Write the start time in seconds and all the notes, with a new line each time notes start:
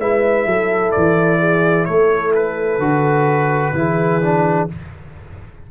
0.00 G#3 E4 B4 E5
0.46 F#3 A4
0.92 E3 D5
1.40 G#4
1.85 A3 A4 C#5
2.35 B4
2.79 D3 F#4
3.73 E3 E4 G#4
4.22 D4